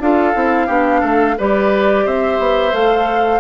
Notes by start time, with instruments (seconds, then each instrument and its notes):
0.00 bassoon D4, clarinet F4, oboe A4, flute F5
0.34 bassoon C4, clarinet E4
0.67 bassoon B3, clarinet D4, oboe G4
1.01 bassoon A3, oboe A4
1.38 bassoon G3, clarinet G4, oboe B4, flute D5
2.05 bassoon C4, oboe C5, flute E5
2.39 bassoon B3
2.72 bassoon A3, clarinet A4, flute F5